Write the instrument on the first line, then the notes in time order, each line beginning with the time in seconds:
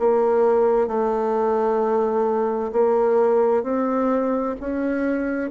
bassoon
0.00 A#3
0.88 A3
2.72 A#3
3.64 C4
4.61 C#4